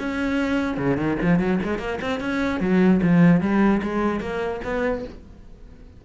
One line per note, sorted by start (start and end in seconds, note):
0.00 0.78 C#4
0.78 0.98 C#3
0.98 1.18 D#3
1.22 1.40 F3
1.40 1.60 F#3
1.64 1.79 G#3
1.79 1.99 A#3
2.02 2.21 C4
2.21 2.61 C#4
2.61 3.01 F#3
3.03 3.41 F3
3.41 3.82 G3
3.83 4.21 G#3
4.21 4.61 A#3
4.65 5.05 B3